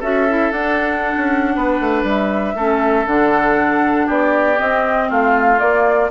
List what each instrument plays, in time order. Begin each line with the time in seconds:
0.00 bassoon C#4, clarinet F#4, oboe A4, flute E5
0.29 clarinet E4
0.52 bassoon D4, clarinet D4, flute F#5
1.18 bassoon C#4
1.56 bassoon B3, oboe B4
1.80 bassoon A3
2.03 bassoon G3, flute E5
2.55 bassoon A3, clarinet C#4, oboe A4
3.07 bassoon D3, clarinet D4, flute F#5
4.06 bassoon B3, oboe G4, flute D5
4.57 clarinet C4, bassoon C4, flute D#5
5.09 bassoon A3, oboe F4, flute F5
5.58 clarinet A#3, bassoon A#3, flute D5